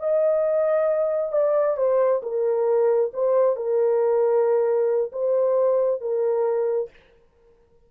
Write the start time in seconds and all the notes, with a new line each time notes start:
0.00 D#5
1.33 D5
1.78 C5
2.23 A#4
3.14 C5
3.57 A#4
5.13 C5
6.02 A#4